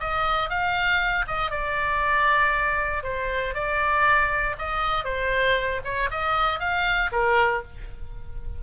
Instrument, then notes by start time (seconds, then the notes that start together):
oboe
0.00 D#5
0.49 F5
1.27 D#5
1.51 D5
3.03 C5
3.55 D5
4.59 D#5
5.05 C5
5.84 C#5
6.11 D#5
6.60 F5
7.12 A#4